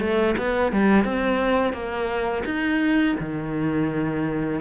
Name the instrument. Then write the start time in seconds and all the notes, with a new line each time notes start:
cello
0.00 A3
0.38 B3
0.72 G3
1.05 C4
1.73 A#3
2.45 D#4
3.19 D#3